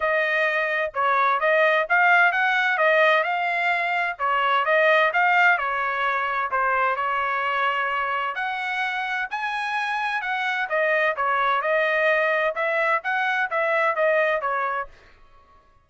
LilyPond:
\new Staff \with { instrumentName = "trumpet" } { \time 4/4 \tempo 4 = 129 dis''2 cis''4 dis''4 | f''4 fis''4 dis''4 f''4~ | f''4 cis''4 dis''4 f''4 | cis''2 c''4 cis''4~ |
cis''2 fis''2 | gis''2 fis''4 dis''4 | cis''4 dis''2 e''4 | fis''4 e''4 dis''4 cis''4 | }